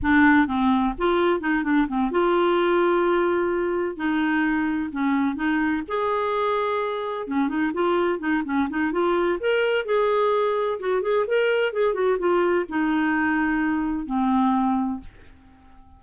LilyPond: \new Staff \with { instrumentName = "clarinet" } { \time 4/4 \tempo 4 = 128 d'4 c'4 f'4 dis'8 d'8 | c'8 f'2.~ f'8~ | f'8 dis'2 cis'4 dis'8~ | dis'8 gis'2. cis'8 |
dis'8 f'4 dis'8 cis'8 dis'8 f'4 | ais'4 gis'2 fis'8 gis'8 | ais'4 gis'8 fis'8 f'4 dis'4~ | dis'2 c'2 | }